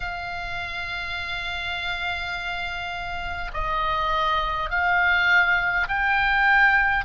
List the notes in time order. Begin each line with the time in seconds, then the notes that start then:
0.00 F5
3.53 D#5
4.70 F5
5.88 G5